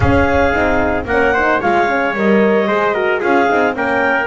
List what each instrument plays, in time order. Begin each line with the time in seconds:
0.00 double bass C#4, horn C#4, trumpet G#4, clarinet F5
0.52 double bass C4, horn D#4
1.05 double bass A#3, horn C#4, trumpet A#4, clarinet F#5
1.33 horn D#4, trumpet C5
1.60 double bass G#3, horn F4, trumpet C#5, clarinet F5
1.87 horn C#4
2.14 double bass G3, horn A#4, clarinet D#5
2.67 double bass G#3, horn G#4, trumpet C5
2.94 horn F#4, trumpet A#4
3.20 double bass C#4, horn F4, trumpet G#4, clarinet F5
3.49 double bass C4, horn D#4
3.73 double bass A#3, horn C#4, trumpet A#4, clarinet G5